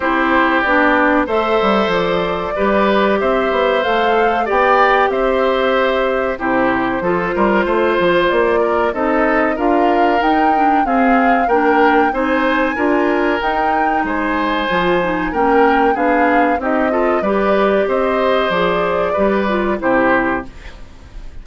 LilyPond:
<<
  \new Staff \with { instrumentName = "flute" } { \time 4/4 \tempo 4 = 94 c''4 d''4 e''4 d''4~ | d''4 e''4 f''4 g''4 | e''2 c''2~ | c''4 d''4 dis''4 f''4 |
g''4 f''4 g''4 gis''4~ | gis''4 g''4 gis''2 | g''4 f''4 dis''4 d''4 | dis''4 d''2 c''4 | }
  \new Staff \with { instrumentName = "oboe" } { \time 4/4 g'2 c''2 | b'4 c''2 d''4 | c''2 g'4 a'8 ais'8 | c''4. ais'8 a'4 ais'4~ |
ais'4 gis'4 ais'4 c''4 | ais'2 c''2 | ais'4 gis'4 g'8 a'8 b'4 | c''2 b'4 g'4 | }
  \new Staff \with { instrumentName = "clarinet" } { \time 4/4 e'4 d'4 a'2 | g'2 a'4 g'4~ | g'2 e'4 f'4~ | f'2 dis'4 f'4 |
dis'8 d'8 c'4 d'4 dis'4 | f'4 dis'2 f'8 dis'8 | cis'4 d'4 dis'8 f'8 g'4~ | g'4 gis'4 g'8 f'8 e'4 | }
  \new Staff \with { instrumentName = "bassoon" } { \time 4/4 c'4 b4 a8 g8 f4 | g4 c'8 b8 a4 b4 | c'2 c4 f8 g8 | a8 f8 ais4 c'4 d'4 |
dis'4 c'4 ais4 c'4 | d'4 dis'4 gis4 f4 | ais4 b4 c'4 g4 | c'4 f4 g4 c4 | }
>>